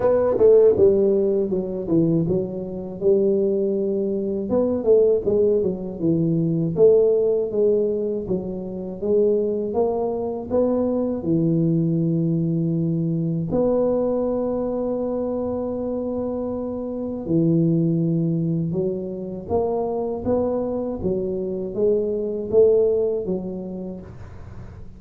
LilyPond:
\new Staff \with { instrumentName = "tuba" } { \time 4/4 \tempo 4 = 80 b8 a8 g4 fis8 e8 fis4 | g2 b8 a8 gis8 fis8 | e4 a4 gis4 fis4 | gis4 ais4 b4 e4~ |
e2 b2~ | b2. e4~ | e4 fis4 ais4 b4 | fis4 gis4 a4 fis4 | }